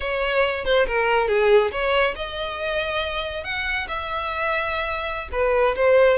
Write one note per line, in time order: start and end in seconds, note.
0.00 0.65 C#5
0.65 0.86 C5
0.86 1.28 A#4
1.28 1.71 G#4
1.71 2.14 C#5
2.15 3.44 D#5
3.44 3.87 F#5
3.88 5.28 E5
5.32 5.75 B4
5.75 6.17 C5